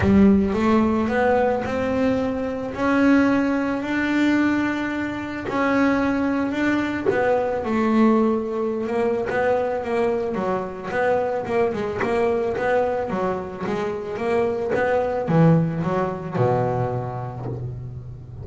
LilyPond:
\new Staff \with { instrumentName = "double bass" } { \time 4/4 \tempo 4 = 110 g4 a4 b4 c'4~ | c'4 cis'2 d'4~ | d'2 cis'2 | d'4 b4 a2~ |
a16 ais8. b4 ais4 fis4 | b4 ais8 gis8 ais4 b4 | fis4 gis4 ais4 b4 | e4 fis4 b,2 | }